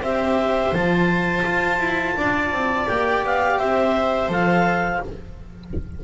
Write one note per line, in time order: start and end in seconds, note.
0.00 0.71 C4
0.00 0.74 G4
0.00 2.17 C5
0.00 0.74 E5
0.72 1.44 F3
0.72 2.86 F4
0.72 2.88 A5
1.45 1.79 F4
1.79 2.15 E4
2.16 2.52 D4
2.16 3.59 D5
2.52 2.88 C4
2.86 3.24 A#3
2.86 4.29 G4
2.86 3.24 G5
3.24 3.59 B3
3.24 3.58 F5
3.58 4.28 C4
3.58 5.02 C5
3.58 4.30 E5
4.28 5.00 F3
4.28 5.00 A4
4.28 5.04 F5